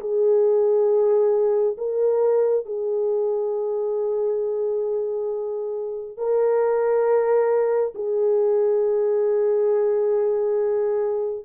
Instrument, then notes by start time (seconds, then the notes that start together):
horn
0.00 G#4
1.77 A#4
2.66 G#4
6.17 A#4
7.95 G#4